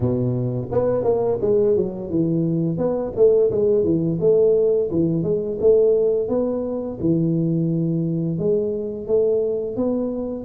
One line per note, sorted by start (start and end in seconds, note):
0.00 0.68 B2
0.71 1.03 B3
1.03 1.38 A#3
1.41 1.76 G#3
1.76 2.10 F#3
2.10 2.77 E3
2.77 3.12 B3
3.16 3.50 A3
3.51 3.83 G#3
3.83 4.18 E3
4.20 4.90 A3
4.90 5.23 E3
5.23 5.58 G#3
5.60 6.28 A3
6.28 6.98 B3
7.00 8.38 E3
8.38 9.07 G#3
9.07 9.76 A3
9.76 10.44 B3